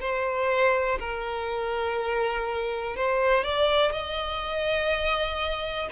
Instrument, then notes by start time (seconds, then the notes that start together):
violin
0.00 C5
0.99 A#4
2.96 C5
3.44 D5
3.92 D#5